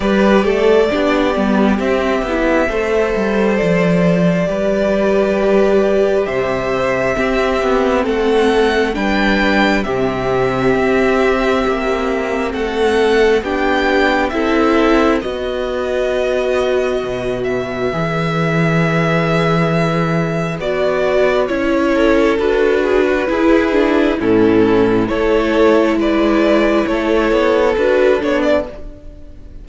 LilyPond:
<<
  \new Staff \with { instrumentName = "violin" } { \time 4/4 \tempo 4 = 67 d''2 e''2 | d''2. e''4~ | e''4 fis''4 g''4 e''4~ | e''2 fis''4 g''4 |
e''4 dis''2~ dis''8 e''8~ | e''2. d''4 | cis''4 b'2 a'4 | cis''4 d''4 cis''4 b'8 cis''16 d''16 | }
  \new Staff \with { instrumentName = "violin" } { \time 4/4 b'8 a'8 g'2 c''4~ | c''4 b'2 c''4 | g'4 a'4 b'4 g'4~ | g'2 a'4 g'4 |
a'4 b'2.~ | b'1~ | b'8 a'4 gis'16 fis'16 gis'4 e'4 | a'4 b'4 a'2 | }
  \new Staff \with { instrumentName = "viola" } { \time 4/4 g'4 d'8 b8 c'8 e'8 a'4~ | a'4 g'2. | c'2 d'4 c'4~ | c'2. d'4 |
e'4 fis'2. | gis'2. fis'4 | e'4 fis'4 e'8 d'8 cis'4 | e'2. fis'8 d'8 | }
  \new Staff \with { instrumentName = "cello" } { \time 4/4 g8 a8 b8 g8 c'8 b8 a8 g8 | f4 g2 c4 | c'8 b8 a4 g4 c4 | c'4 ais4 a4 b4 |
c'4 b2 b,4 | e2. b4 | cis'4 d'4 e'4 a,4 | a4 gis4 a8 b8 d'8 b8 | }
>>